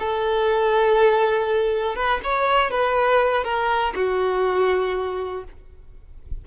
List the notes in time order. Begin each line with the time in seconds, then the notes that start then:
0.00 A4
1.96 B4
2.24 C#5
2.71 B4
3.44 A#4
3.96 F#4